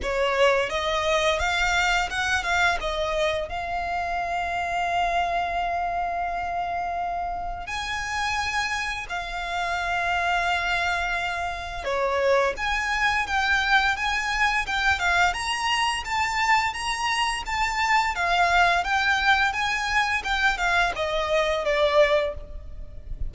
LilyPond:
\new Staff \with { instrumentName = "violin" } { \time 4/4 \tempo 4 = 86 cis''4 dis''4 f''4 fis''8 f''8 | dis''4 f''2.~ | f''2. gis''4~ | gis''4 f''2.~ |
f''4 cis''4 gis''4 g''4 | gis''4 g''8 f''8 ais''4 a''4 | ais''4 a''4 f''4 g''4 | gis''4 g''8 f''8 dis''4 d''4 | }